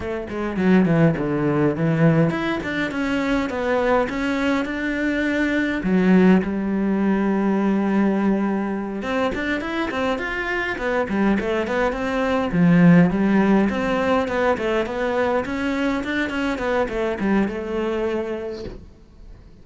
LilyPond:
\new Staff \with { instrumentName = "cello" } { \time 4/4 \tempo 4 = 103 a8 gis8 fis8 e8 d4 e4 | e'8 d'8 cis'4 b4 cis'4 | d'2 fis4 g4~ | g2.~ g8 c'8 |
d'8 e'8 c'8 f'4 b8 g8 a8 | b8 c'4 f4 g4 c'8~ | c'8 b8 a8 b4 cis'4 d'8 | cis'8 b8 a8 g8 a2 | }